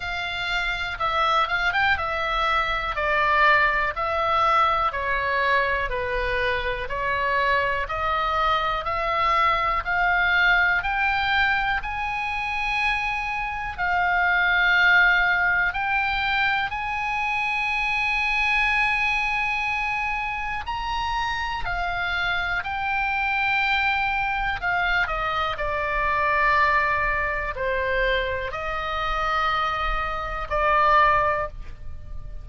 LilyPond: \new Staff \with { instrumentName = "oboe" } { \time 4/4 \tempo 4 = 61 f''4 e''8 f''16 g''16 e''4 d''4 | e''4 cis''4 b'4 cis''4 | dis''4 e''4 f''4 g''4 | gis''2 f''2 |
g''4 gis''2.~ | gis''4 ais''4 f''4 g''4~ | g''4 f''8 dis''8 d''2 | c''4 dis''2 d''4 | }